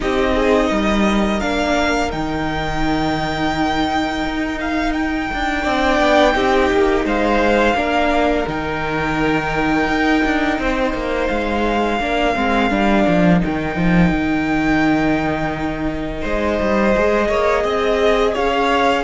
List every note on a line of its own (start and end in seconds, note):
0.00 0.70 C4
0.00 1.40 D#4
0.00 0.34 G4
0.00 1.40 D#5
0.34 0.69 G#4
0.69 1.41 G3
0.69 5.62 A#4
1.40 2.12 A#3
1.40 2.10 D4
1.40 2.10 F5
2.10 4.24 D#3
2.10 5.63 D#4
2.10 4.58 G5
4.24 5.30 D#4
4.60 4.92 F5
4.92 7.04 G5
5.33 5.65 D4
5.62 5.99 C4
5.62 6.32 D4
5.62 6.32 D5
5.99 6.35 B3
6.32 6.70 C4
6.32 7.74 D#4
6.32 7.05 G4
6.71 7.04 A#3
7.04 7.74 G#3
7.04 7.75 C5
7.04 8.48 F5
7.74 8.45 A#3
7.74 8.46 D4
7.74 10.60 A#4
8.47 9.88 D#3
8.47 12.00 D#4
8.47 11.27 G5
9.88 10.24 D#4
10.24 10.59 D4
10.59 10.93 C4
10.59 11.99 C5
10.93 11.29 A#3
11.27 11.99 G#3
11.27 13.39 F5
11.99 12.35 A#3
11.99 12.35 D4
11.99 16.21 A#4
12.35 12.70 G#3
12.35 12.70 C4
12.70 13.05 G3
12.70 13.39 D4
13.07 13.43 F3
13.39 13.76 D#3
13.39 16.92 D#4
13.39 16.25 G5
13.76 14.11 F3
14.11 16.22 D#3
16.21 16.59 G#3
16.21 17.27 C5
16.21 18.34 D#5
16.60 16.95 G3
16.95 17.29 G#3
16.95 19.04 G#4
17.28 17.64 A#3
17.28 17.63 C#5
17.63 18.34 C4
17.63 18.32 D#5
18.32 19.04 C#4
18.32 19.03 C#5
18.32 19.04 F5